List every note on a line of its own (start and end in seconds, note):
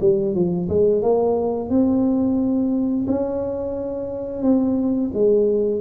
0.00 0.34 G3
0.34 0.68 F3
0.68 1.02 G#3
1.02 1.69 A#3
1.69 3.06 C4
3.07 4.42 C#4
4.42 5.10 C4
5.13 5.80 G#3